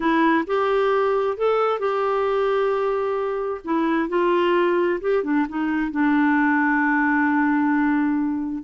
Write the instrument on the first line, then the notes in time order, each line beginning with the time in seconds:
clarinet
0.00 E4
0.46 G4
1.37 A4
1.79 G4
3.64 E4
4.08 F4
5.01 G4
5.23 D4
5.48 D#4
5.91 D4